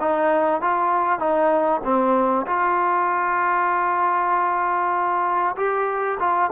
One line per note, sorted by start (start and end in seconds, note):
0.00 0.61 D#4
0.61 1.19 F4
1.19 1.81 D#4
1.84 2.46 C4
2.46 5.56 F4
5.56 6.18 G4
6.19 6.50 F4